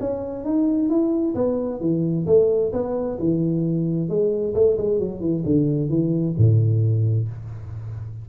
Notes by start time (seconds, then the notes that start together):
0.00 C#4
0.44 D#4
0.89 E4
1.35 B3
1.81 E3
2.26 A3
2.73 B3
3.19 E3
4.09 G#3
4.55 A3
4.78 G#3
4.99 F#3
5.21 E3
5.45 D3
5.89 E3
6.37 A2